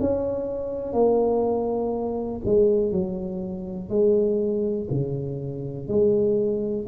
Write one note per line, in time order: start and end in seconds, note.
0.00 0.93 C#4
0.93 2.41 A#3
2.45 2.92 G#3
2.92 3.89 F#3
3.89 4.87 G#3
4.90 5.88 C#3
5.88 6.86 G#3